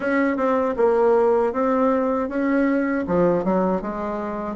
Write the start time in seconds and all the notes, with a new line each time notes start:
0.00 C#4
0.36 C4
0.76 A#3
1.53 C4
2.28 C#4
3.07 F3
3.44 F#3
3.81 G#3